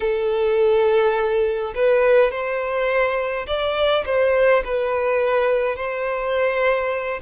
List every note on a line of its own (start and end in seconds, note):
0.00 1.73 A4
1.74 2.31 B4
2.31 3.46 C5
3.46 4.04 D5
4.05 4.63 C5
4.64 5.76 B4
5.76 7.20 C5